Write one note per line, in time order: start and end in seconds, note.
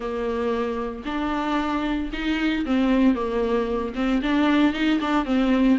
0.00 1.03 A#3
1.05 2.10 D4
2.12 2.65 D#4
2.65 3.14 C4
3.14 3.93 A#3
3.95 4.21 C4
4.22 4.73 D4
4.73 4.99 D#4
5.00 5.25 D4
5.25 5.78 C4